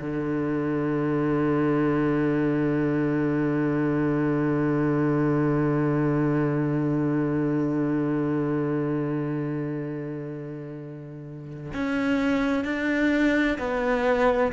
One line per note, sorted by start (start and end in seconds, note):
0.00 11.72 D3
11.73 12.64 C#4
12.64 13.58 D4
13.58 14.51 B3